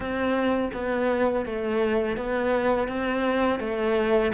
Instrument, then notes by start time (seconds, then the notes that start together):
cello
0.00 C4
0.73 B3
1.45 A3
2.17 B3
2.88 C4
3.59 A3